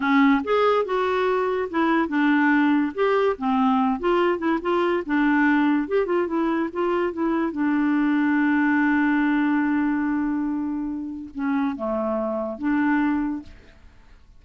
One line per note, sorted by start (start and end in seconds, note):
0.00 0.42 C#4
0.43 0.85 G#4
0.85 1.69 F#4
1.70 2.08 E4
2.08 2.92 D4
2.94 3.36 G4
3.38 3.99 C4
3.99 4.38 F4
4.38 4.59 E4
4.61 5.03 F4
5.06 5.88 D4
5.88 6.06 G4
6.06 6.27 F4
6.27 6.69 E4
6.72 7.12 F4
7.12 7.52 E4
7.52 11.29 D4
11.34 11.75 C#4
11.75 12.58 A3
12.58 13.42 D4